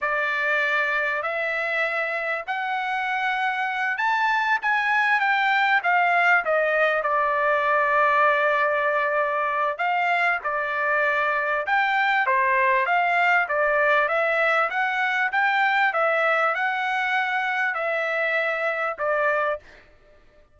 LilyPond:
\new Staff \with { instrumentName = "trumpet" } { \time 4/4 \tempo 4 = 98 d''2 e''2 | fis''2~ fis''8 a''4 gis''8~ | gis''8 g''4 f''4 dis''4 d''8~ | d''1 |
f''4 d''2 g''4 | c''4 f''4 d''4 e''4 | fis''4 g''4 e''4 fis''4~ | fis''4 e''2 d''4 | }